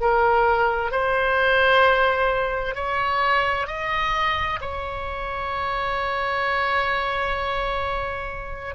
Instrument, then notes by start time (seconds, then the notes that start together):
oboe
0.00 A#4
0.91 C5
2.75 C#5
3.67 D#5
4.61 C#5